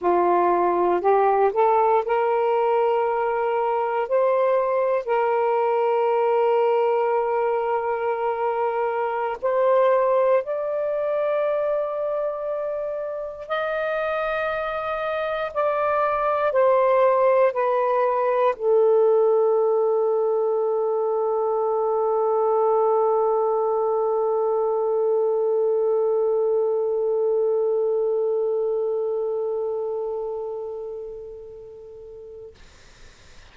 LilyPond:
\new Staff \with { instrumentName = "saxophone" } { \time 4/4 \tempo 4 = 59 f'4 g'8 a'8 ais'2 | c''4 ais'2.~ | ais'4~ ais'16 c''4 d''4.~ d''16~ | d''4~ d''16 dis''2 d''8.~ |
d''16 c''4 b'4 a'4.~ a'16~ | a'1~ | a'1~ | a'1 | }